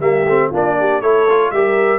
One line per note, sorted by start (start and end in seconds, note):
0.00 0.25 G3
0.00 0.26 A#3
0.00 0.50 G4
0.00 0.51 E5
0.25 0.51 A3
0.25 0.53 C4
0.50 1.02 A#3
0.50 1.03 D4
0.50 0.75 F4
0.56 1.01 D5
0.79 1.02 G4
1.01 1.51 A3
1.01 1.28 E4
1.01 1.52 A4
1.01 1.51 C#5
1.29 1.54 F4
1.51 1.99 G3
1.51 1.99 G4
1.51 1.99 A#4
1.51 1.99 E5